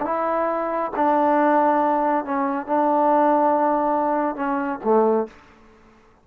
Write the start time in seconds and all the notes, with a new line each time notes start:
0.00 D4 E4
0.96 D4
2.25 C#4
2.66 D4
4.35 C#4
4.84 A3